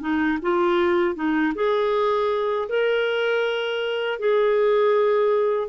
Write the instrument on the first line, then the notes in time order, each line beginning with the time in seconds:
clarinet
0.00 D#4
0.42 F4
1.15 D#4
1.54 G#4
2.68 A#4
4.19 G#4